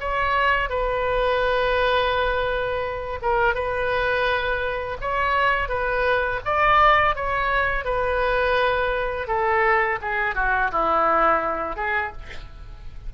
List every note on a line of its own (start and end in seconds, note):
0.00 0.69 C#5
0.69 3.19 B4
3.22 3.54 A#4
3.54 4.97 B4
5.01 5.69 C#5
5.69 6.40 B4
6.45 7.15 D5
7.15 7.84 C#5
7.84 9.27 B4
9.27 9.99 A4
10.01 10.35 G#4
10.35 10.71 F#4
10.71 11.76 E4
11.76 12.12 G#4